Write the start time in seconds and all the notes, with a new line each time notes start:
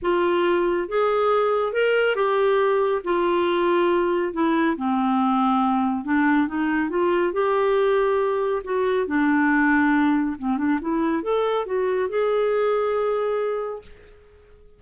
0.02 F4
0.88 G#4
1.72 A#4
2.15 G4
3.03 F4
4.33 E4
4.76 C4
6.04 D4
6.47 D#4
6.89 F4
7.33 G4
8.64 F#4
9.06 D4
10.38 C4
10.57 D4
10.81 E4
11.22 A4
11.66 F#4
12.09 G#4